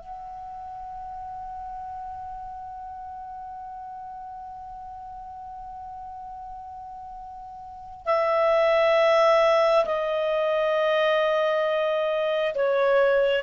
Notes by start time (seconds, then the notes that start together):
0.00 F#5
8.06 E5
9.85 D#5
12.55 C#5